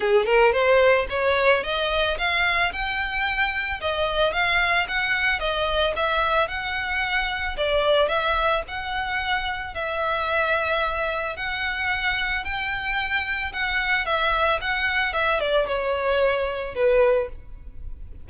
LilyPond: \new Staff \with { instrumentName = "violin" } { \time 4/4 \tempo 4 = 111 gis'8 ais'8 c''4 cis''4 dis''4 | f''4 g''2 dis''4 | f''4 fis''4 dis''4 e''4 | fis''2 d''4 e''4 |
fis''2 e''2~ | e''4 fis''2 g''4~ | g''4 fis''4 e''4 fis''4 | e''8 d''8 cis''2 b'4 | }